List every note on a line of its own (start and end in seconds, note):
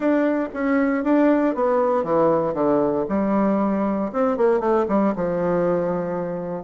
0.00 0.48 D4
0.53 1.03 C#4
1.03 1.54 D4
1.54 2.03 B3
2.03 2.54 E3
2.54 3.05 D3
3.09 4.11 G3
4.12 4.37 C4
4.37 4.59 A#3
4.59 4.85 A3
4.88 5.14 G3
5.15 6.63 F3